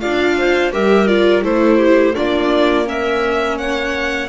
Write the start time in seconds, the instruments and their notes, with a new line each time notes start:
0.00 double bass D4, viola F4, clarinet D5, violin F5
0.38 clarinet C5
0.72 double bass G3, viola G4, clarinet A#4, violin E5
1.07 viola F4, violin D5
1.42 double bass A3, viola E4, clarinet A4, violin C5
1.77 clarinet G4
2.14 double bass A#3, viola D4, clarinet F4, violin D5
2.84 viola C#4, clarinet A#4, violin E5
3.58 clarinet C#5, violin F#5